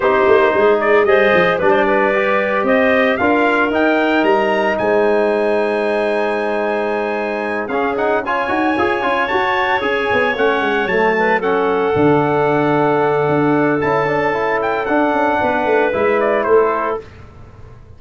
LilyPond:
<<
  \new Staff \with { instrumentName = "trumpet" } { \time 4/4 \tempo 4 = 113 c''4. d''8 dis''4 d''4~ | d''4 dis''4 f''4 g''4 | ais''4 gis''2.~ | gis''2~ gis''8 f''8 fis''8 gis''8~ |
gis''4. a''4 gis''4 fis''8~ | fis''8 a''4 fis''2~ fis''8~ | fis''2 a''4. g''8 | fis''2 e''8 d''8 c''4 | }
  \new Staff \with { instrumentName = "clarinet" } { \time 4/4 g'4 gis'4 c''4 b'16 c''16 b'8~ | b'4 c''4 ais'2~ | ais'4 c''2.~ | c''2~ c''8 gis'4 cis''8~ |
cis''1~ | cis''4 b'8 a'2~ a'8~ | a'1~ | a'4 b'2 a'4 | }
  \new Staff \with { instrumentName = "trombone" } { \time 4/4 dis'2 gis'4 d'4 | g'2 f'4 dis'4~ | dis'1~ | dis'2~ dis'8 cis'8 dis'8 f'8 |
fis'8 gis'8 f'8 fis'4 gis'4 cis'8~ | cis'8 a4 cis'4 d'4.~ | d'2 e'8 d'8 e'4 | d'2 e'2 | }
  \new Staff \with { instrumentName = "tuba" } { \time 4/4 c'8 ais8 gis4 g8 f8 g4~ | g4 c'4 d'4 dis'4 | g4 gis2.~ | gis2~ gis8 cis'4. |
dis'8 f'8 cis'8 fis'4 cis'8 b8 a8 | gis8 fis2 d4.~ | d4 d'4 cis'2 | d'8 cis'8 b8 a8 gis4 a4 | }
>>